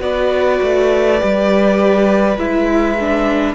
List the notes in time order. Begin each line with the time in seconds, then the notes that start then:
0.00 B3 F#4 B4 D5
0.62 A3
1.19 G3 G4
2.37 G#3 E4 E5
3.00 D4